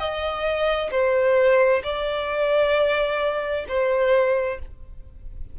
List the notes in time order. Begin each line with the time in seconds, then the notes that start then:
0.00 D#5
0.92 C5
1.84 D5
3.69 C5